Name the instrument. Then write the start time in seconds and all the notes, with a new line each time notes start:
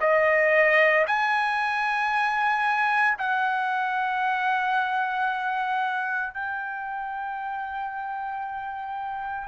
trumpet
0.00 D#5
1.07 G#5
3.18 F#5
6.33 G5